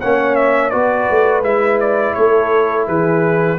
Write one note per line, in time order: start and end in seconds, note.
0.00 0.73 A#3
0.00 0.71 C#4
0.00 0.71 C#5
0.00 0.35 F#5
0.35 0.70 E5
0.70 1.09 B3
0.70 1.43 F#4
0.70 2.14 B4
0.70 1.41 D5
1.10 1.42 A3
1.42 2.13 G#3
1.42 3.57 E4
1.42 1.79 E5
1.80 2.14 D5
2.14 2.87 A3
2.14 2.87 A4
2.14 2.85 C#5
2.87 3.58 E3
2.87 3.58 G#4
2.87 3.58 B4